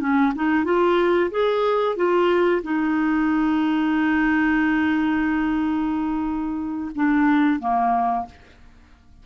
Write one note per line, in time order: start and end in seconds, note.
0.00 0.33 C#4
0.35 0.64 D#4
0.64 1.30 F4
1.30 1.96 G#4
1.96 2.62 F4
2.63 6.91 D#4
6.95 7.60 D4
7.60 8.26 A#3